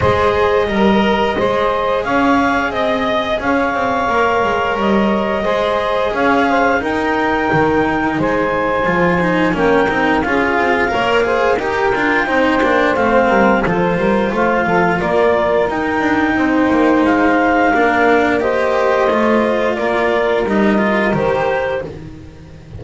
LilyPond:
<<
  \new Staff \with { instrumentName = "clarinet" } { \time 4/4 \tempo 4 = 88 dis''2. f''4 | dis''4 f''2 dis''4~ | dis''4 f''4 g''2 | gis''2 g''4 f''4~ |
f''4 g''2 f''4 | c''4 f''4 d''4 g''4~ | g''4 f''2 dis''4~ | dis''4 d''4 dis''4 c''4 | }
  \new Staff \with { instrumentName = "saxophone" } { \time 4/4 c''4 ais'4 c''4 cis''4 | dis''4 cis''2. | c''4 cis''8 c''8 ais'2 | c''2 ais'4 gis'4 |
cis''8 c''8 ais'4 c''4. ais'8 | a'8 ais'8 c''8 a'8 ais'2 | c''2 ais'4 c''4~ | c''4 ais'2. | }
  \new Staff \with { instrumentName = "cello" } { \time 4/4 gis'4 ais'4 gis'2~ | gis'2 ais'2 | gis'2 dis'2~ | dis'4 f'8 dis'8 cis'8 dis'8 f'4 |
ais'8 gis'8 g'8 f'8 dis'8 d'8 c'4 | f'2. dis'4~ | dis'2 d'4 g'4 | f'2 dis'8 f'8 g'4 | }
  \new Staff \with { instrumentName = "double bass" } { \time 4/4 gis4 g4 gis4 cis'4 | c'4 cis'8 c'8 ais8 gis8 g4 | gis4 cis'4 dis'4 dis4 | gis4 f4 ais8 c'8 cis'8 c'8 |
ais4 dis'8 d'8 c'8 ais8 a8 g8 | f8 g8 a8 f8 ais4 dis'8 d'8 | c'8 ais8 gis4 ais2 | a4 ais4 g4 dis4 | }
>>